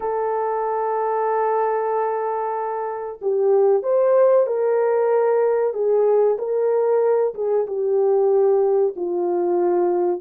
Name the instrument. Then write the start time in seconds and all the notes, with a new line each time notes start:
horn
0.00 A4
3.21 G4
3.82 C5
4.47 A#4
5.73 G#4
6.38 A#4
7.34 G#4
7.67 G4
8.96 F4